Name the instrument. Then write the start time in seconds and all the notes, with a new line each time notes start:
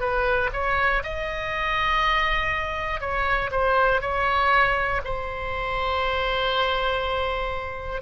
oboe
0.00 B4
0.53 C#5
1.03 D#5
3.01 C#5
3.51 C5
4.01 C#5
5.05 C5